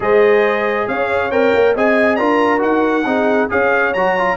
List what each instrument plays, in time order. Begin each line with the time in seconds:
0.00 tuba G#3, trombone G#4, horn C5, trumpet D#5
0.88 tuba C#4, horn C#5, trumpet F5
1.30 tuba C4, trombone A#4, trumpet G5
1.54 tuba A#3
1.75 tuba C4, trombone G#4, horn D#5, trumpet G#5
2.16 tuba D4, trombone F4, horn A#4, trumpet A#5
2.58 tuba D#4, trombone F#4, trumpet F#5
3.05 tuba C4, trombone D#4, horn G#4
3.49 tuba C#4, trombone G#4, horn C#5, trumpet F5
3.93 tuba F#3, trombone F#4, trumpet A#5
4.17 trombone F4